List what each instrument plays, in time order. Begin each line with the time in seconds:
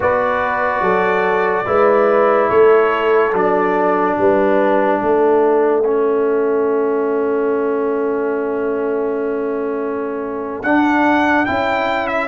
0.00 tuba B3, trombone F#4, horn B4, trumpet D5
0.80 tuba F#3, horn A4
1.65 tuba G#3, trombone E4, horn B4
2.49 tuba A3, horn A4, trumpet C#5
3.32 tuba F#3, trombone D4, trumpet D5
4.17 tuba G3, horn B4, trumpet E5
5.01 tuba A3, horn A4
5.84 trombone C#4
10.62 tuba D4, trombone D4, trumpet F#5
11.45 tuba C#4, trombone E4, trumpet G5
12.07 trumpet E5